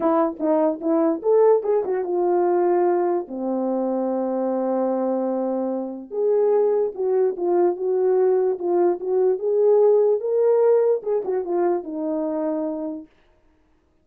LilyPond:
\new Staff \with { instrumentName = "horn" } { \time 4/4 \tempo 4 = 147 e'4 dis'4 e'4 a'4 | gis'8 fis'8 f'2. | c'1~ | c'2. gis'4~ |
gis'4 fis'4 f'4 fis'4~ | fis'4 f'4 fis'4 gis'4~ | gis'4 ais'2 gis'8 fis'8 | f'4 dis'2. | }